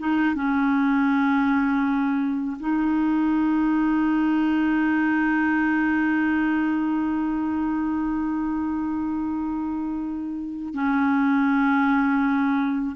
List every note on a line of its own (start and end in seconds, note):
0.00 0.35 D#4
0.35 2.58 C#4
2.60 10.74 D#4
10.74 12.96 C#4